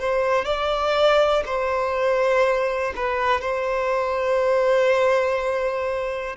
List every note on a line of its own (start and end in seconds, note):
0.00 0.46 C5
0.46 1.44 D5
1.46 2.94 C5
2.96 3.42 B4
3.42 6.37 C5